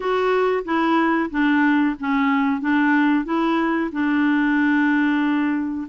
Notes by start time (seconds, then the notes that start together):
0.00 F#4
0.65 E4
1.30 D4
1.99 C#4
2.61 D4
3.25 E4
3.91 D4